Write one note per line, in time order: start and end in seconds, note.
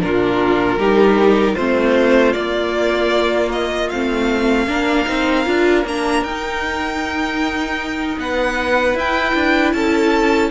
0.00 0.77 A#2
0.00 0.78 D4
0.00 0.79 F4
0.00 1.55 A#4
0.77 1.55 G3
0.77 1.57 D#4
0.77 1.54 G4
1.54 2.35 A3
1.54 2.33 C4
1.54 4.66 F4
1.54 2.32 C5
2.32 3.89 A#3
2.32 3.92 A#3
2.32 3.49 D5
3.52 3.89 D#5
3.89 4.67 A3
3.89 4.68 C4
3.89 5.84 F5
4.67 5.06 A#3
4.67 5.05 D4
4.67 8.19 A#4
5.05 5.46 C4
5.05 5.44 D#4
5.45 5.85 D4
5.45 5.84 F4
5.85 6.22 A#3
5.85 6.26 D4
5.85 6.24 A#5
6.22 8.17 D#4
6.22 8.98 D#4
6.22 8.18 G5
8.17 8.94 B3
8.17 9.75 B4
8.17 8.98 F#5
8.94 9.33 E4
8.94 10.51 E4
8.94 9.73 G5
9.35 9.73 D4
9.73 10.51 C#4
9.73 10.51 A4
9.73 10.50 A5